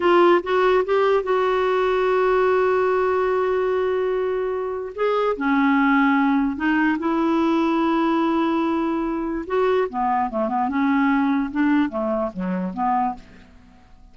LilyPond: \new Staff \with { instrumentName = "clarinet" } { \time 4/4 \tempo 4 = 146 f'4 fis'4 g'4 fis'4~ | fis'1~ | fis'1 | gis'4 cis'2. |
dis'4 e'2.~ | e'2. fis'4 | b4 a8 b8 cis'2 | d'4 a4 fis4 b4 | }